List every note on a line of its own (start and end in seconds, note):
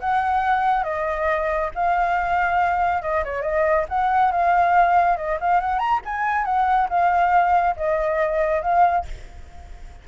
0.00 0.84 F#5
0.84 1.70 D#5
1.75 3.02 F5
3.02 3.24 D#5
3.24 3.42 C#5
3.42 3.85 D#5
3.89 4.32 F#5
4.32 5.17 F5
5.17 5.38 D#5
5.40 5.60 F5
5.60 5.79 F#5
5.79 6.00 A#5
6.05 6.45 G#5
6.45 6.88 F#5
6.89 7.76 F5
7.76 8.62 D#5
8.62 9.05 F5